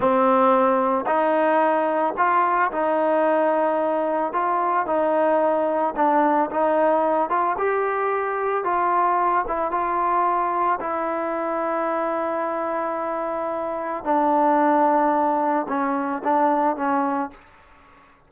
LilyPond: \new Staff \with { instrumentName = "trombone" } { \time 4/4 \tempo 4 = 111 c'2 dis'2 | f'4 dis'2. | f'4 dis'2 d'4 | dis'4. f'8 g'2 |
f'4. e'8 f'2 | e'1~ | e'2 d'2~ | d'4 cis'4 d'4 cis'4 | }